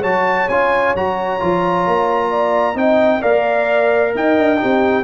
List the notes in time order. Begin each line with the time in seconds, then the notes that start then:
0.00 F#3 F#4 C#5 A5
0.48 C#4 F4 G#5
0.94 F#3 F#4 A#5
1.40 F3 F4
1.86 A#3
2.30 D5
2.74 C4 D#4 D#5 G5
3.21 A#3 A#4 D5 F5
4.15 D#4 D#5 G5
4.37 D4
4.57 D#4 G4
4.63 C4